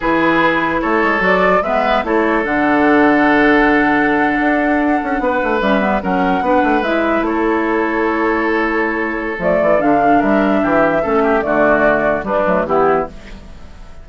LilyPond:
<<
  \new Staff \with { instrumentName = "flute" } { \time 4/4 \tempo 4 = 147 b'2 cis''4 d''4 | e''4 cis''4 fis''2~ | fis''1~ | fis''4.~ fis''16 e''4 fis''4~ fis''16~ |
fis''8. e''4 cis''2~ cis''16~ | cis''2. d''4 | f''4 e''2. | d''2 b'4 g'4 | }
  \new Staff \with { instrumentName = "oboe" } { \time 4/4 gis'2 a'2 | b'4 a'2.~ | a'1~ | a'8. b'2 ais'4 b'16~ |
b'4.~ b'16 a'2~ a'16~ | a'1~ | a'4 ais'4 g'4 a'8 g'8 | fis'2 d'4 e'4 | }
  \new Staff \with { instrumentName = "clarinet" } { \time 4/4 e'2. fis'4 | b4 e'4 d'2~ | d'1~ | d'4.~ d'16 cis'8 b8 cis'4 d'16~ |
d'8. e'2.~ e'16~ | e'2. a4 | d'2. cis'4 | a2 g8 a8 b4 | }
  \new Staff \with { instrumentName = "bassoon" } { \time 4/4 e2 a8 gis8 fis4 | gis4 a4 d2~ | d2~ d8. d'4~ d'16~ | d'16 cis'8 b8 a8 g4 fis4 b16~ |
b16 a8 gis4 a2~ a16~ | a2. f8 e8 | d4 g4 e4 a4 | d2 g8 fis8 e4 | }
>>